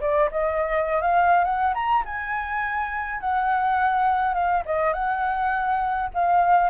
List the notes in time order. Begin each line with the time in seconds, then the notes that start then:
0.00 D5
0.31 D#5
1.01 F5
1.44 F#5
1.74 A#5
2.05 G#5
3.20 F#5
4.33 F5
4.65 D#5
4.93 F#5
6.14 F5